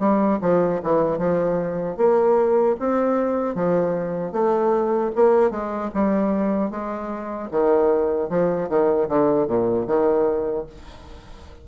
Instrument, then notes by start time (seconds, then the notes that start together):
bassoon
0.00 G3
0.42 F3
0.83 E3
1.19 F3
1.98 A#3
2.80 C4
3.55 F3
4.32 A3
5.16 A#3
5.51 G#3
5.95 G3
6.71 G#3
7.51 D#3
8.30 F3
8.69 D#3
9.09 D3
9.48 A#2
9.88 D#3